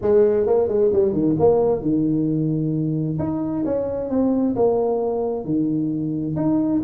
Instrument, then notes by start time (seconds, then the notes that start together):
tuba
0.01 G#3
0.46 A#3
0.68 G#3
0.92 G3
1.12 D#3
1.39 A#3
1.81 D#3
3.18 D#4
3.65 C#4
4.09 C4
4.55 A#3
5.44 D#3
6.36 D#4